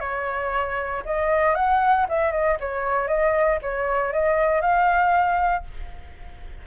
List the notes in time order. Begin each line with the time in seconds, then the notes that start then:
0.00 C#5
1.05 D#5
1.55 F#5
2.09 E5
2.32 D#5
2.60 C#5
3.07 D#5
3.62 C#5
4.13 D#5
4.61 F5